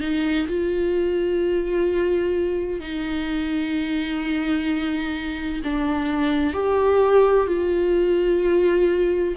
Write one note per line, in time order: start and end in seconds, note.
0.00 0.47 D#4
0.47 2.80 F4
2.80 5.61 D#4
5.64 6.53 D4
6.53 7.47 G4
7.47 9.35 F4